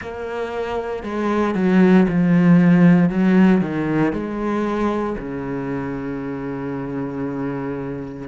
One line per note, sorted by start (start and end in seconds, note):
0.01 1.03 A#3
1.03 1.55 G#3
1.55 2.06 F#3
2.08 3.09 F3
3.09 3.61 F#3
3.61 4.12 D#3
4.12 5.16 G#3
5.17 8.28 C#3